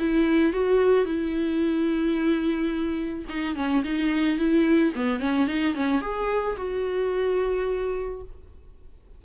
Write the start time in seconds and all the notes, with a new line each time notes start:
0.00 E4
0.53 F#4
1.06 E4
3.29 D#4
3.56 C#4
3.85 D#4
4.39 E4
4.95 B3
5.20 C#4
5.47 D#4
5.75 C#4
6.02 G#4
6.57 F#4